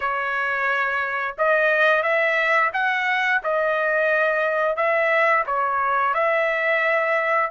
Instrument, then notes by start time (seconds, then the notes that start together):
trumpet
0.00 C#5
1.38 D#5
2.02 E5
2.73 F#5
3.43 D#5
4.76 E5
5.46 C#5
6.14 E5